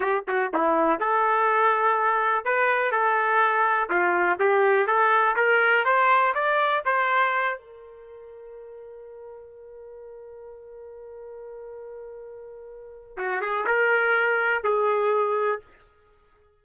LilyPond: \new Staff \with { instrumentName = "trumpet" } { \time 4/4 \tempo 4 = 123 g'8 fis'8 e'4 a'2~ | a'4 b'4 a'2 | f'4 g'4 a'4 ais'4 | c''4 d''4 c''4. ais'8~ |
ais'1~ | ais'1~ | ais'2. fis'8 gis'8 | ais'2 gis'2 | }